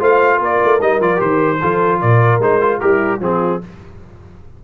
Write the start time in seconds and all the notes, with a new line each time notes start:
0.00 A3 F4 C5 F5
0.37 A#3 A#4
0.44 D5
0.64 A3
0.81 G3 D#4 D#5
1.00 F3 F4 D5
1.17 D#3 G4 C5
1.61 F3 F4 A4
2.00 A#2 A#4 D5
2.40 G#3 D#4 C5
2.61 F4
2.80 G3 E4 G4 A#4
3.20 F3 C4 F4 G#4